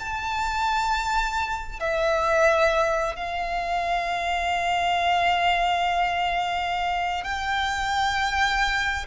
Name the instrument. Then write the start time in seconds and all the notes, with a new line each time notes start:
violin
0.00 A5
1.81 E5
3.16 F5
7.24 G5